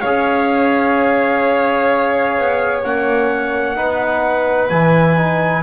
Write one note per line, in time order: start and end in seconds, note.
0.00 2.38 C#4
0.00 2.84 G#4
0.00 3.76 C#5
0.00 2.81 F5
2.38 2.84 B3
2.83 3.77 A#3
2.83 3.75 C#4
2.83 4.69 F#5
3.75 4.70 B3
3.75 4.69 D#4
3.75 5.63 B4
4.69 5.63 E3
4.69 5.16 E4
4.69 5.62 G#5
5.16 5.63 D#4